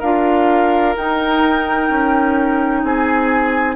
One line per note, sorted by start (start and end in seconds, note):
0.00 0.96 D4
0.00 0.96 F4
0.00 2.81 A#4
0.00 0.95 F5
0.96 3.76 D#4
0.96 1.90 D#4
0.96 2.84 G5
1.90 2.84 C#4
2.84 3.76 C4
2.84 3.76 G#4
2.84 3.76 G#5